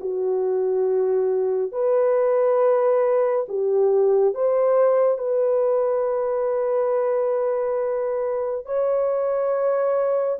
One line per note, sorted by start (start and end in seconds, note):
0.00 1.72 F#4
1.72 3.46 B4
3.49 4.34 G4
4.34 5.18 C5
5.18 8.66 B4
8.66 10.40 C#5